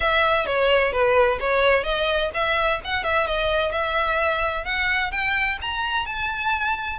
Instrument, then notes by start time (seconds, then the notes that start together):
violin
0.00 E5
0.46 C#5
0.92 B4
1.40 C#5
1.83 D#5
2.34 E5
2.84 F#5
3.03 E5
3.26 D#5
3.71 E5
4.64 F#5
5.11 G5
5.61 A#5
6.05 A5